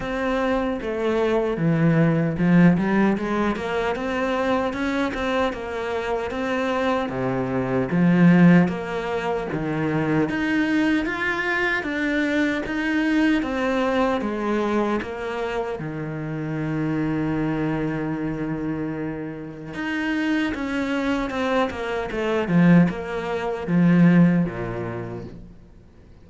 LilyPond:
\new Staff \with { instrumentName = "cello" } { \time 4/4 \tempo 4 = 76 c'4 a4 e4 f8 g8 | gis8 ais8 c'4 cis'8 c'8 ais4 | c'4 c4 f4 ais4 | dis4 dis'4 f'4 d'4 |
dis'4 c'4 gis4 ais4 | dis1~ | dis4 dis'4 cis'4 c'8 ais8 | a8 f8 ais4 f4 ais,4 | }